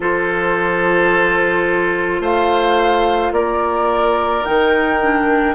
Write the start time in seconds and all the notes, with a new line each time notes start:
0.00 F3 F4 A4 C5
2.20 A3 C5 F5
3.31 A#3 A#4 D5
4.44 D#3 D#4 G5
5.00 D4